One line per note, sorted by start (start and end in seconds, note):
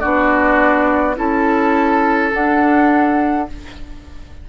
0.00 1.18 B3
0.00 1.16 D4
0.00 1.16 F#4
0.00 1.15 D5
1.16 2.33 C#4
1.16 2.31 E4
1.16 3.49 A4
1.16 2.33 A5
2.32 3.48 D4
2.32 3.49 D4
2.32 3.49 F#5